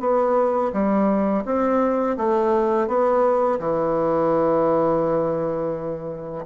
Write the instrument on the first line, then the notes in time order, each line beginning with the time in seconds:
bassoon
0.00 B3
0.73 G3
1.45 C4
2.17 A3
2.87 B3
3.59 E3